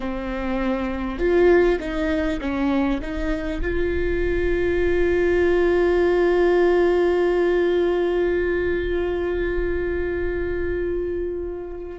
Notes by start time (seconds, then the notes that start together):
0.00 C4
1.18 F4
1.79 D#4
2.41 C#4
3.01 D#4
3.61 F4